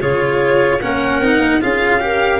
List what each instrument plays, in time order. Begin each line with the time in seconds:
0.00 tuba C#3, cello F4, clarinet G#4, violin C#5
0.79 tuba A#3, cello C#4, clarinet A#4, violin F#5
1.20 tuba C4, cello D#4
1.38 tuba A#3
1.61 tuba C#4, cello F4, clarinet G#4, violin F5
2.00 cello G4, clarinet A#4